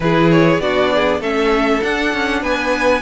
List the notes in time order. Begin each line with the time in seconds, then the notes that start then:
0.00 E3 E4 G#4 B4
0.30 C#5
0.59 B3 D4 F#4 D5
0.94 G#4
1.20 A3 C#4 A4 E5
1.81 D4 F#5
2.13 C#4
2.42 B3 B4 G#5